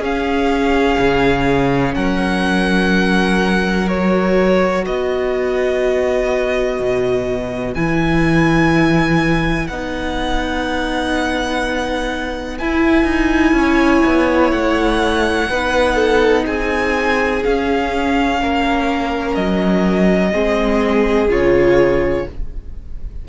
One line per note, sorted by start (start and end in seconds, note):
0.00 0.97 C#4
0.00 3.85 C#4
0.00 1.94 G#4
0.00 1.95 F5
0.99 1.96 C#3
1.95 4.86 F#3
1.95 4.85 A#4
1.95 3.88 F#5
3.85 7.73 F#4
3.85 4.85 C#5
4.85 6.80 B3
4.85 13.56 B4
4.85 7.75 D#5
6.80 7.76 B2
7.75 9.69 E3
7.75 9.70 E4
7.75 9.68 G#5
9.68 12.60 B3
9.68 12.60 D#4
9.68 12.58 F#5
12.59 15.50 E4
12.59 13.05 E4
12.59 14.52 G#5
13.05 13.53 D#4
13.53 14.01 C#4
13.53 15.50 C#5
14.06 14.53 B3
14.52 15.50 A3
14.52 16.45 F#5
15.50 16.47 B3
15.50 17.44 D#4
15.50 15.96 B4
15.96 16.45 A4
16.46 17.44 C4
16.46 18.40 G#4
16.46 17.44 G#5
17.44 20.32 C#4
17.44 18.43 C#4
17.44 19.35 F5
18.42 19.37 A#3
18.42 20.31 A#4
19.35 20.34 F#3
19.35 21.29 D#5
20.31 21.29 G#3
20.31 21.29 C4
20.31 22.25 G#4
21.29 22.25 C#3
21.29 22.26 F4
21.29 22.29 C#5